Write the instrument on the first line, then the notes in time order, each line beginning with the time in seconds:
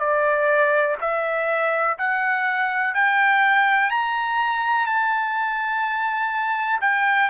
trumpet
0.00 D5
1.01 E5
1.98 F#5
2.94 G5
3.91 A#5
4.87 A5
6.81 G5